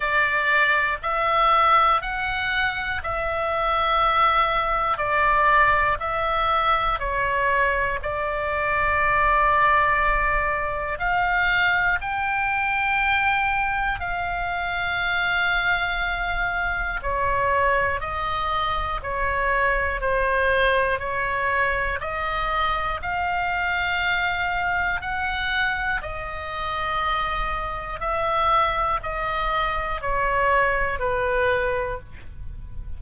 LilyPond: \new Staff \with { instrumentName = "oboe" } { \time 4/4 \tempo 4 = 60 d''4 e''4 fis''4 e''4~ | e''4 d''4 e''4 cis''4 | d''2. f''4 | g''2 f''2~ |
f''4 cis''4 dis''4 cis''4 | c''4 cis''4 dis''4 f''4~ | f''4 fis''4 dis''2 | e''4 dis''4 cis''4 b'4 | }